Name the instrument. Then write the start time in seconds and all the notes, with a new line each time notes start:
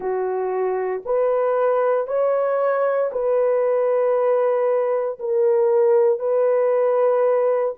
horn
0.00 F#4
1.05 B4
2.07 C#5
3.12 B4
5.19 A#4
6.19 B4